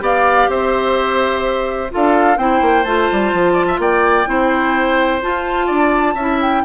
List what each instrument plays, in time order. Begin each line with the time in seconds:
0.00 bassoon B3, clarinet G4, oboe D5, flute F5
0.49 bassoon C4, oboe C5, flute E5
1.91 bassoon D4, clarinet F4, oboe A4, flute F5
2.38 bassoon C4, clarinet E4, oboe C5, flute G5
2.62 bassoon A#3
2.84 bassoon A3, clarinet F4, flute A5
3.12 bassoon G3
3.33 bassoon F3
3.54 oboe D5
3.68 oboe E5
3.79 bassoon A#3, oboe D5, flute G5
4.26 bassoon C4, clarinet E4, oboe C5
5.22 clarinet F4, bassoon F4, flute A5
5.67 bassoon D4, oboe D5
6.15 bassoon C#4, clarinet E4, oboe E5
6.42 flute G5